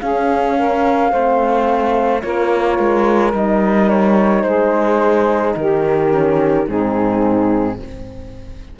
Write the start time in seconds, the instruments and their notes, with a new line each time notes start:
0.00 horn C#4, cello C#4, saxophone G#4, flute F5
0.57 saxophone A#4
1.11 cello A3, horn C4, saxophone C5
2.21 cello A#3, horn F4, saxophone A#4, flute C#5
2.78 cello G#3
3.33 cello G3, horn D#4, flute D#5
3.89 flute C#5
4.43 cello G#3, saxophone G#4, flute C5
5.56 cello D#3, saxophone G4, flute A#4
6.09 horn C#4
6.67 cello G#2, horn C4, saxophone D#4, flute G#4